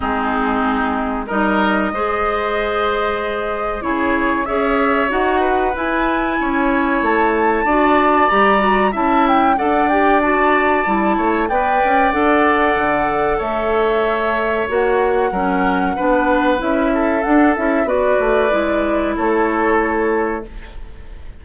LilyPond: <<
  \new Staff \with { instrumentName = "flute" } { \time 4/4 \tempo 4 = 94 gis'2 dis''2~ | dis''2 cis''4 e''4 | fis''4 gis''2 a''4~ | a''4 ais''4 a''8 g''8 fis''8 g''8 |
a''2 g''4 fis''4~ | fis''4 e''2 fis''4~ | fis''2 e''4 fis''8 e''8 | d''2 cis''2 | }
  \new Staff \with { instrumentName = "oboe" } { \time 4/4 dis'2 ais'4 c''4~ | c''2 gis'4 cis''4~ | cis''8 b'4. cis''2 | d''2 e''4 d''4~ |
d''4. cis''8 d''2~ | d''4 cis''2. | ais'4 b'4. a'4. | b'2 a'2 | }
  \new Staff \with { instrumentName = "clarinet" } { \time 4/4 c'2 dis'4 gis'4~ | gis'2 e'4 gis'4 | fis'4 e'2. | fis'4 g'8 fis'8 e'4 a'8 g'8 |
fis'4 e'4 b'4 a'4~ | a'2. fis'4 | cis'4 d'4 e'4 d'8 e'8 | fis'4 e'2. | }
  \new Staff \with { instrumentName = "bassoon" } { \time 4/4 gis2 g4 gis4~ | gis2 cis4 cis'4 | dis'4 e'4 cis'4 a4 | d'4 g4 cis'4 d'4~ |
d'4 g8 a8 b8 cis'8 d'4 | d4 a2 ais4 | fis4 b4 cis'4 d'8 cis'8 | b8 a8 gis4 a2 | }
>>